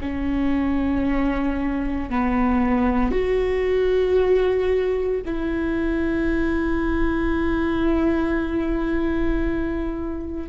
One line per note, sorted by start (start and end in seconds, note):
0.00 2.09 C#4
2.09 3.11 B3
3.11 5.22 F#4
5.25 10.49 E4